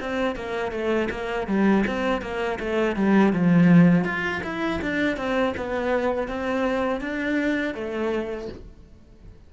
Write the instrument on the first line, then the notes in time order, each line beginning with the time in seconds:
cello
0.00 C4
0.36 A#3
0.72 A3
1.10 A#3
1.47 G3
1.87 C4
2.22 A#3
2.60 A3
2.96 G3
3.33 F3
4.05 F4
4.43 E4
4.82 D4
5.17 C4
5.57 B3
6.28 C4
7.01 D4
7.74 A3